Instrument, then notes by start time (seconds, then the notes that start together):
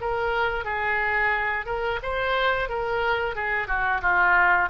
oboe
0.00 A#4
0.64 G#4
1.65 A#4
2.02 C5
2.69 A#4
3.35 G#4
3.67 F#4
4.01 F4